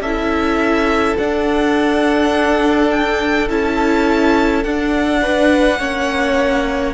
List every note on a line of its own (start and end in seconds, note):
0.00 1.15 C#4
0.00 1.18 E4
0.00 5.21 A4
0.00 1.17 E5
1.18 3.49 D4
1.18 3.50 D4
1.18 2.91 F#5
2.91 3.49 G5
3.49 4.64 C#4
3.49 4.65 E4
3.49 4.64 A5
4.64 5.80 D4
4.64 6.94 F#5
5.22 5.80 B4
5.80 6.94 A#3
5.80 6.94 C#4
5.80 6.94 C#5